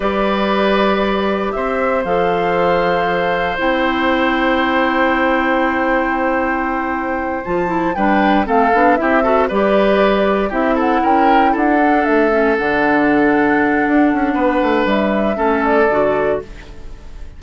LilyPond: <<
  \new Staff \with { instrumentName = "flute" } { \time 4/4 \tempo 4 = 117 d''2. e''4 | f''2. g''4~ | g''1~ | g''2~ g''8 a''4 g''8~ |
g''8 f''4 e''4 d''4.~ | d''8 e''8 fis''8 g''4 fis''4 e''8~ | e''8 fis''2.~ fis''8~ | fis''4 e''4. d''4. | }
  \new Staff \with { instrumentName = "oboe" } { \time 4/4 b'2. c''4~ | c''1~ | c''1~ | c''2.~ c''8 b'8~ |
b'8 a'4 g'8 a'8 b'4.~ | b'8 g'8 a'8 ais'4 a'4.~ | a'1 | b'2 a'2 | }
  \new Staff \with { instrumentName = "clarinet" } { \time 4/4 g'1 | a'2. e'4~ | e'1~ | e'2~ e'8 f'8 e'8 d'8~ |
d'8 c'8 d'8 e'8 fis'8 g'4.~ | g'8 e'2~ e'8 d'4 | cis'8 d'2.~ d'8~ | d'2 cis'4 fis'4 | }
  \new Staff \with { instrumentName = "bassoon" } { \time 4/4 g2. c'4 | f2. c'4~ | c'1~ | c'2~ c'8 f4 g8~ |
g8 a8 b8 c'4 g4.~ | g8 c'4 cis'4 d'4 a8~ | a8 d2~ d8 d'8 cis'8 | b8 a8 g4 a4 d4 | }
>>